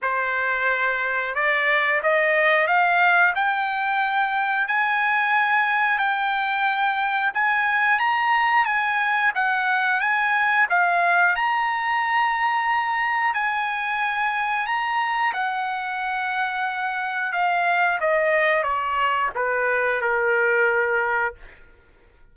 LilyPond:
\new Staff \with { instrumentName = "trumpet" } { \time 4/4 \tempo 4 = 90 c''2 d''4 dis''4 | f''4 g''2 gis''4~ | gis''4 g''2 gis''4 | ais''4 gis''4 fis''4 gis''4 |
f''4 ais''2. | gis''2 ais''4 fis''4~ | fis''2 f''4 dis''4 | cis''4 b'4 ais'2 | }